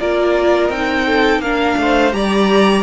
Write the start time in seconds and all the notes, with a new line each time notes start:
0.00 A#3 F4 A#4 D5
0.69 C4 D#4 G5
1.06 A4
1.39 A#3 D4 A#4 F5
1.77 A3 C5
2.12 G3 G4 D5 A#5